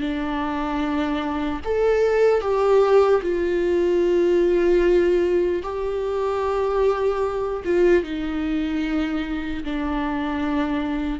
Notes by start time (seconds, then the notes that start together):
0.00 D4
1.64 A4
2.41 G4
3.22 F4
5.63 G4
7.65 F4
8.03 D#4
9.64 D4